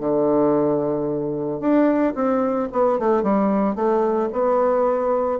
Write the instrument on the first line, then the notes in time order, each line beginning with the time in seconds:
bassoon
0.00 D3
1.60 D4
2.15 C4
2.72 B3
2.99 A3
3.23 G3
3.75 A3
4.33 B3